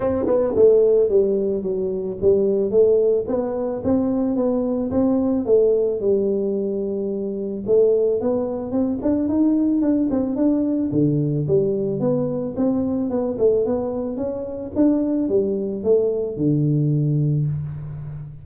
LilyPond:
\new Staff \with { instrumentName = "tuba" } { \time 4/4 \tempo 4 = 110 c'8 b8 a4 g4 fis4 | g4 a4 b4 c'4 | b4 c'4 a4 g4~ | g2 a4 b4 |
c'8 d'8 dis'4 d'8 c'8 d'4 | d4 g4 b4 c'4 | b8 a8 b4 cis'4 d'4 | g4 a4 d2 | }